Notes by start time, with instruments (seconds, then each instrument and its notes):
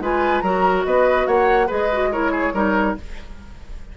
0.00 bassoon G#3, clarinet F4, oboe B4, flute G#5
0.41 bassoon F#3, clarinet F#4, oboe A#4, flute A#5
0.85 bassoon B3, oboe B4, flute D#5
1.27 bassoon A#3, oboe C#5, flute F#5
1.67 bassoon G#3, clarinet G#4, oboe B4, flute D#5
1.93 clarinet F#4
2.12 clarinet E4, oboe A#4, flute C#5
2.32 oboe G#4
2.54 bassoon G3, clarinet D#4, oboe A#4